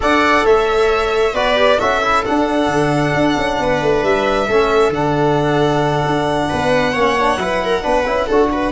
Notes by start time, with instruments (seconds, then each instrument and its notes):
0.00 tuba D4, trombone A4, viola D5, violin F#5
0.44 tuba A3, viola C#5, violin E5
1.33 tuba B3, trombone F#4, viola B4, violin D5
1.55 trombone G4
1.78 tuba C#4, trombone F#4, viola A4, violin E5
2.02 trombone E4
2.25 trombone D4, tuba D4, violin F#5
2.67 tuba D3
3.14 tuba D4
3.37 tuba C#4
3.59 tuba B3, viola B4
3.81 tuba A3
4.03 tuba G3, violin E5
4.47 tuba A3, trombone C#4, viola A4
4.89 tuba D3, trombone D4, violin F#5
6.05 tuba D4
6.48 tuba B3, viola B4
6.93 tuba A#3, trombone C#4, viola C#5
7.19 trombone D4
7.36 tuba F#3, trombone E4, viola B4
7.64 viola A#4
7.82 tuba B3, trombone D4, viola B4
8.05 tuba C#4, trombone E4
8.26 tuba D4, trombone F#4, viola A4
8.52 viola B4